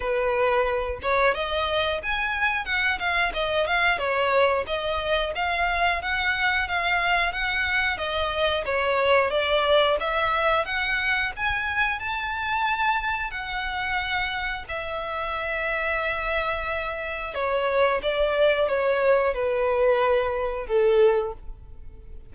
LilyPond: \new Staff \with { instrumentName = "violin" } { \time 4/4 \tempo 4 = 90 b'4. cis''8 dis''4 gis''4 | fis''8 f''8 dis''8 f''8 cis''4 dis''4 | f''4 fis''4 f''4 fis''4 | dis''4 cis''4 d''4 e''4 |
fis''4 gis''4 a''2 | fis''2 e''2~ | e''2 cis''4 d''4 | cis''4 b'2 a'4 | }